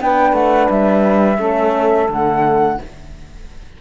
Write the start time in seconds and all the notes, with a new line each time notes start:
0.00 B3 D4 B4 G5
0.32 A3 F#5
0.70 G3 E5
1.38 A3 C#4 A4
2.08 D3 A3 F#5